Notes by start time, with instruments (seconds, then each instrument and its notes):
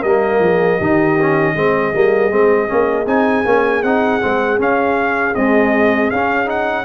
0.00 tuba G3, trombone A#3, horn A#4, trumpet D#5
0.40 tuba F3, horn G#4
0.77 tuba D#3, trombone D#4, horn G4
1.21 trombone C#4
1.55 tuba G#3, trombone C4, horn G#4
1.94 tuba G3, trombone A#3
2.31 tuba G#3, trombone C4
2.68 tuba A#3, trombone C#4
3.06 tuba C4, trombone D#4, trumpet G#5
3.45 tuba A#3, trombone C#4
3.83 tuba C4, trombone D#4, trumpet F#5
4.21 tuba G#3, trombone C4
4.58 trombone C#4, tuba C#4, trumpet F5
5.35 trombone G#3, tuba C4, trumpet D#5
6.10 tuba C#4, trombone C#4, trumpet F5
6.46 trombone D#4, trumpet F#5